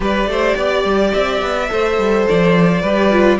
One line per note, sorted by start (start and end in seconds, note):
0.00 0.26 G3
0.00 1.66 G4
0.00 0.29 B4
0.00 1.13 D5
0.26 0.55 A3
0.26 0.56 C5
0.56 0.84 B3
0.56 1.70 D5
0.84 1.12 G3
1.13 1.41 C4
1.13 2.26 E5
1.41 1.69 B3
1.68 1.98 A3
1.68 2.81 A4
1.68 2.81 C5
1.98 2.26 G3
2.28 2.82 F3
2.28 3.39 D5
2.81 3.39 G3
2.81 3.11 G4
2.81 3.38 B4
3.11 3.39 F4